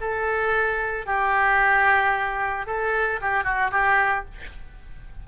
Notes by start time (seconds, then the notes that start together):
0.00 A4
1.06 G4
2.66 A4
3.21 G4
3.44 F#4
3.71 G4